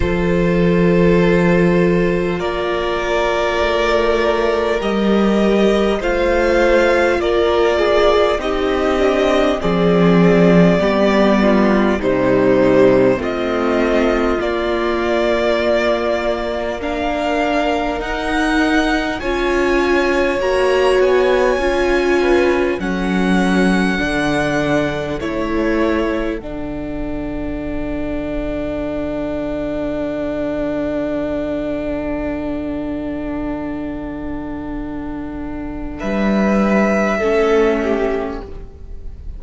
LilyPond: <<
  \new Staff \with { instrumentName = "violin" } { \time 4/4 \tempo 4 = 50 c''2 d''2 | dis''4 f''4 d''4 dis''4 | d''2 c''4 dis''4 | d''2 f''4 fis''4 |
gis''4 ais''8 gis''4. fis''4~ | fis''4 cis''4 fis''2~ | fis''1~ | fis''2 e''2 | }
  \new Staff \with { instrumentName = "violin" } { \time 4/4 a'2 ais'2~ | ais'4 c''4 ais'8 gis'8 g'4 | gis'4 g'8 f'8 dis'4 f'4~ | f'2 ais'2 |
cis''2~ cis''8 b'8 a'4~ | a'1~ | a'1~ | a'2 b'4 a'8 g'8 | }
  \new Staff \with { instrumentName = "viola" } { \time 4/4 f'1 | g'4 f'2 dis'8 d'8 | c'4 b4 g4 c'4 | ais2 d'4 dis'4 |
f'4 fis'4 f'4 cis'4 | d'4 e'4 d'2~ | d'1~ | d'2. cis'4 | }
  \new Staff \with { instrumentName = "cello" } { \time 4/4 f2 ais4 a4 | g4 a4 ais4 c'4 | f4 g4 c4 a4 | ais2. dis'4 |
cis'4 ais8 b8 cis'4 fis4 | d4 a4 d2~ | d1~ | d2 g4 a4 | }
>>